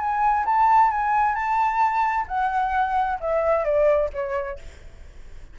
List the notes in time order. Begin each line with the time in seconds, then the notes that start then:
0.00 G#5
0.46 A5
0.91 G#5
1.35 A5
2.28 F#5
3.21 E5
3.65 D5
4.14 C#5